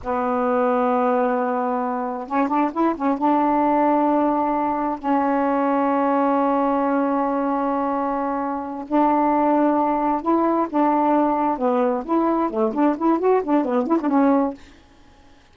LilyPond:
\new Staff \with { instrumentName = "saxophone" } { \time 4/4 \tempo 4 = 132 b1~ | b4 cis'8 d'8 e'8 cis'8 d'4~ | d'2. cis'4~ | cis'1~ |
cis'2.~ cis'8 d'8~ | d'2~ d'8 e'4 d'8~ | d'4. b4 e'4 a8 | d'8 e'8 fis'8 d'8 b8 e'16 d'16 cis'4 | }